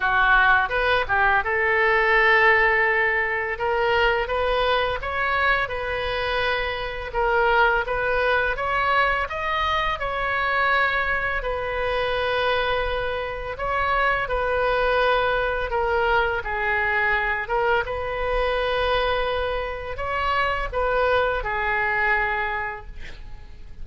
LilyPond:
\new Staff \with { instrumentName = "oboe" } { \time 4/4 \tempo 4 = 84 fis'4 b'8 g'8 a'2~ | a'4 ais'4 b'4 cis''4 | b'2 ais'4 b'4 | cis''4 dis''4 cis''2 |
b'2. cis''4 | b'2 ais'4 gis'4~ | gis'8 ais'8 b'2. | cis''4 b'4 gis'2 | }